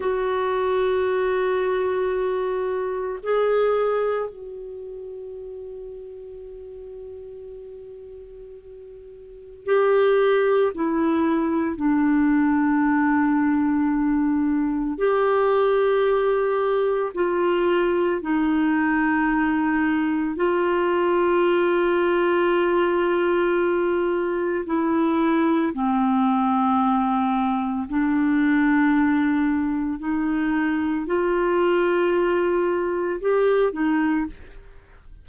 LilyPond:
\new Staff \with { instrumentName = "clarinet" } { \time 4/4 \tempo 4 = 56 fis'2. gis'4 | fis'1~ | fis'4 g'4 e'4 d'4~ | d'2 g'2 |
f'4 dis'2 f'4~ | f'2. e'4 | c'2 d'2 | dis'4 f'2 g'8 dis'8 | }